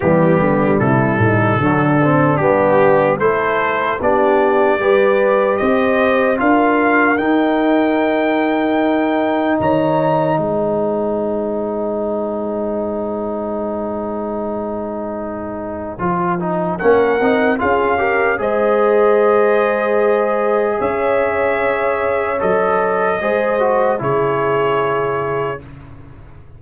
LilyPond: <<
  \new Staff \with { instrumentName = "trumpet" } { \time 4/4 \tempo 4 = 75 g'4 a'2 g'4 | c''4 d''2 dis''4 | f''4 g''2. | ais''4 gis''2.~ |
gis''1~ | gis''4 fis''4 f''4 dis''4~ | dis''2 e''2 | dis''2 cis''2 | }
  \new Staff \with { instrumentName = "horn" } { \time 4/4 b4 e'8 dis'8 d'2 | a'4 g'4 b'4 c''4 | ais'1 | cis''4 c''2.~ |
c''1~ | c''4 ais'4 gis'8 ais'8 c''4~ | c''2 cis''2~ | cis''4 c''4 gis'2 | }
  \new Staff \with { instrumentName = "trombone" } { \time 4/4 g2 fis8 c'8 b4 | e'4 d'4 g'2 | f'4 dis'2.~ | dis'1~ |
dis'1 | f'8 dis'8 cis'8 dis'8 f'8 g'8 gis'4~ | gis'1 | a'4 gis'8 fis'8 e'2 | }
  \new Staff \with { instrumentName = "tuba" } { \time 4/4 e8 d8 c8 a,8 d4 g4 | a4 b4 g4 c'4 | d'4 dis'2. | dis4 gis2.~ |
gis1 | f4 ais8 c'8 cis'4 gis4~ | gis2 cis'2 | fis4 gis4 cis2 | }
>>